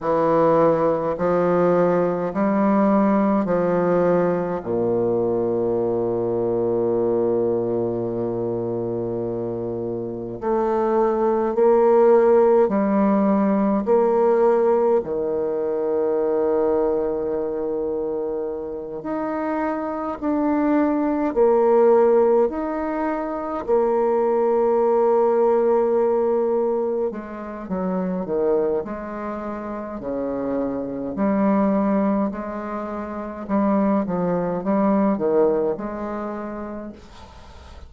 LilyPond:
\new Staff \with { instrumentName = "bassoon" } { \time 4/4 \tempo 4 = 52 e4 f4 g4 f4 | ais,1~ | ais,4 a4 ais4 g4 | ais4 dis2.~ |
dis8 dis'4 d'4 ais4 dis'8~ | dis'8 ais2. gis8 | fis8 dis8 gis4 cis4 g4 | gis4 g8 f8 g8 dis8 gis4 | }